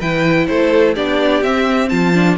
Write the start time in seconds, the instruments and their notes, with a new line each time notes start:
0.00 cello E3, viola E4, violin B4 G5
0.47 cello A3, violin A4 C5
0.94 cello B3, viola D4, violin G4 D5
1.43 cello C4, viola C4, violin E5
1.89 cello F3, violin F4 A5
2.15 viola D4